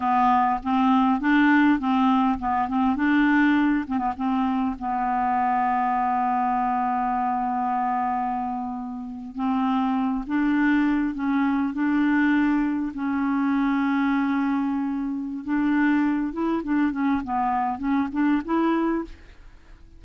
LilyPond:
\new Staff \with { instrumentName = "clarinet" } { \time 4/4 \tempo 4 = 101 b4 c'4 d'4 c'4 | b8 c'8 d'4. c'16 b16 c'4 | b1~ | b2.~ b8. c'16~ |
c'4~ c'16 d'4. cis'4 d'16~ | d'4.~ d'16 cis'2~ cis'16~ | cis'2 d'4. e'8 | d'8 cis'8 b4 cis'8 d'8 e'4 | }